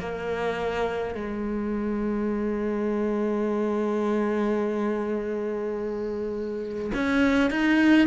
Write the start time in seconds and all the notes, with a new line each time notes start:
0.00 A#3
1.15 G#3
6.94 C#4
7.51 D#4